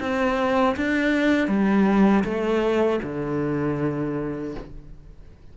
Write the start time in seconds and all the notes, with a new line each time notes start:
0.00 C4
0.76 D4
1.48 G3
2.24 A3
3.03 D3